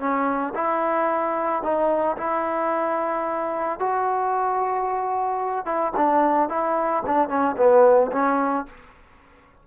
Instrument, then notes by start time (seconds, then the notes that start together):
trombone
0.00 C#4
0.55 E4
1.63 D#4
2.18 E4
3.80 F#4
5.66 E4
5.97 D4
6.50 E4
7.07 D4
7.29 C#4
7.57 B3
8.12 C#4